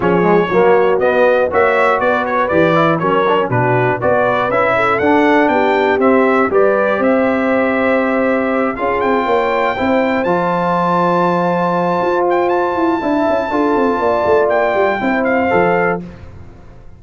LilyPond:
<<
  \new Staff \with { instrumentName = "trumpet" } { \time 4/4 \tempo 4 = 120 cis''2 dis''4 e''4 | d''8 cis''8 d''4 cis''4 b'4 | d''4 e''4 fis''4 g''4 | e''4 d''4 e''2~ |
e''4. f''8 g''2~ | g''8 a''2.~ a''8~ | a''8 g''8 a''2.~ | a''4 g''4. f''4. | }
  \new Staff \with { instrumentName = "horn" } { \time 4/4 gis'4 fis'2 cis''4 | b'2 ais'4 fis'4 | b'4. a'4. g'4~ | g'4 b'4 c''2~ |
c''4. gis'4 cis''4 c''8~ | c''1~ | c''2 e''4 a'4 | d''2 c''2 | }
  \new Staff \with { instrumentName = "trombone" } { \time 4/4 cis'8 gis8 ais4 b4 fis'4~ | fis'4 g'8 e'8 cis'8 d'16 cis'16 d'4 | fis'4 e'4 d'2 | c'4 g'2.~ |
g'4. f'2 e'8~ | e'8 f'2.~ f'8~ | f'2 e'4 f'4~ | f'2 e'4 a'4 | }
  \new Staff \with { instrumentName = "tuba" } { \time 4/4 f4 fis4 b4 ais4 | b4 e4 fis4 b,4 | b4 cis'4 d'4 b4 | c'4 g4 c'2~ |
c'4. cis'8 c'8 ais4 c'8~ | c'8 f2.~ f8 | f'4. e'8 d'8 cis'8 d'8 c'8 | ais8 a8 ais8 g8 c'4 f4 | }
>>